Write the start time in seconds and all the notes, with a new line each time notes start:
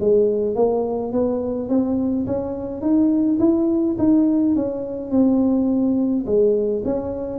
0.00 G#3
0.55 A#3
1.12 B3
1.69 C4
2.26 C#4
2.81 D#4
3.39 E4
3.98 D#4
4.55 C#4
5.11 C4
6.26 G#3
6.85 C#4